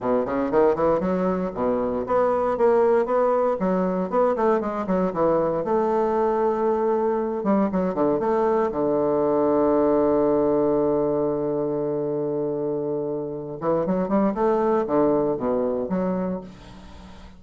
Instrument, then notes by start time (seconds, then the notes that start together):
bassoon
0.00 B2
0.25 C#3
0.51 D#3
0.75 E3
1.00 F#3
1.54 B2
2.06 B3
2.57 A#3
3.05 B3
3.59 F#3
4.10 B3
4.36 A3
4.60 G#3
4.86 F#3
5.13 E3
5.64 A3
7.43 G3
7.72 F#3
7.94 D3
8.19 A3
8.71 D3
13.60 E3
13.86 F#3
14.08 G3
14.34 A3
14.86 D3
15.37 B2
15.89 F#3